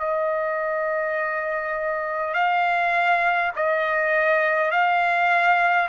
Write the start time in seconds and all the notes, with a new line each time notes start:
0.00 D#5
2.34 F5
3.56 D#5
4.71 F5